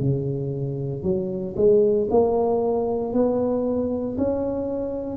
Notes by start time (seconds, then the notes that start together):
0.00 C#3
1.03 F#3
1.57 G#3
2.11 A#3
3.14 B3
4.18 C#4